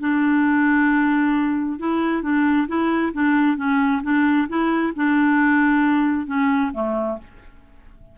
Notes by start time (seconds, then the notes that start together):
0.00 D4
1.79 E4
2.22 D4
2.67 E4
3.13 D4
3.57 C#4
4.03 D4
4.48 E4
4.96 D4
6.26 C#4
6.73 A3